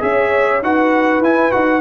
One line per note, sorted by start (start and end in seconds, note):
0.00 0.62 C#4
0.00 0.60 G#4
0.00 0.64 C#5
0.00 0.62 E5
0.62 1.20 D#4
0.62 1.23 F#4
0.62 1.81 B4
0.62 1.23 F#5
1.20 1.50 E4
1.20 1.51 E4
1.20 1.52 G#5
1.51 1.81 D#4
1.51 1.81 F#4
1.51 1.81 F#5